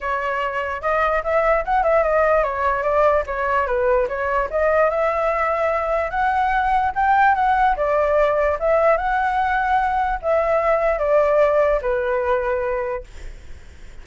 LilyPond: \new Staff \with { instrumentName = "flute" } { \time 4/4 \tempo 4 = 147 cis''2 dis''4 e''4 | fis''8 e''8 dis''4 cis''4 d''4 | cis''4 b'4 cis''4 dis''4 | e''2. fis''4~ |
fis''4 g''4 fis''4 d''4~ | d''4 e''4 fis''2~ | fis''4 e''2 d''4~ | d''4 b'2. | }